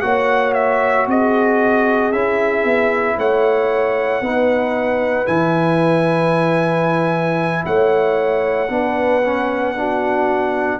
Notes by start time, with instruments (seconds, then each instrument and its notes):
0.00 tuba A#3, trombone F#4, horn C#5, trumpet F#5
0.53 trumpet E5
1.07 tuba C4, horn G#4, trumpet D#5
2.12 tuba C#4, trombone E4, trumpet E5
2.64 tuba B3
3.17 tuba A3, horn C#5, trumpet F#5
4.21 tuba B3, trombone D#4, horn B4
5.26 tuba E3, trombone E4, trumpet G#5
7.65 tuba A3, horn C#5, trumpet F#5
8.69 tuba B3, trombone D4, horn B4
9.24 trombone C#4
9.75 trombone D4, horn F#4